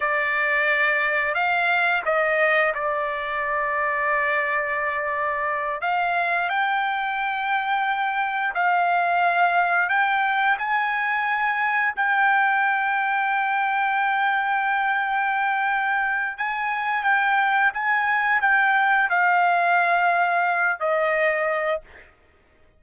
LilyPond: \new Staff \with { instrumentName = "trumpet" } { \time 4/4 \tempo 4 = 88 d''2 f''4 dis''4 | d''1~ | d''8 f''4 g''2~ g''8~ | g''8 f''2 g''4 gis''8~ |
gis''4. g''2~ g''8~ | g''1 | gis''4 g''4 gis''4 g''4 | f''2~ f''8 dis''4. | }